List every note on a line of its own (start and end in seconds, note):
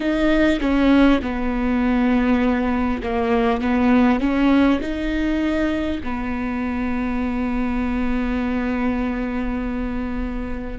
0.00 0.59 D#4
0.59 1.19 C#4
1.22 3.02 B3
3.03 3.61 A#3
3.61 4.19 B3
4.19 4.79 C#4
4.81 6.01 D#4
6.03 10.78 B3